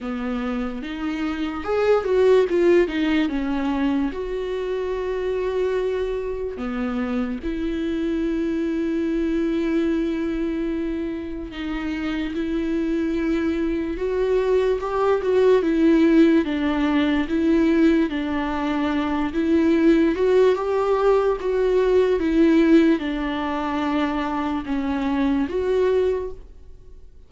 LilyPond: \new Staff \with { instrumentName = "viola" } { \time 4/4 \tempo 4 = 73 b4 dis'4 gis'8 fis'8 f'8 dis'8 | cis'4 fis'2. | b4 e'2.~ | e'2 dis'4 e'4~ |
e'4 fis'4 g'8 fis'8 e'4 | d'4 e'4 d'4. e'8~ | e'8 fis'8 g'4 fis'4 e'4 | d'2 cis'4 fis'4 | }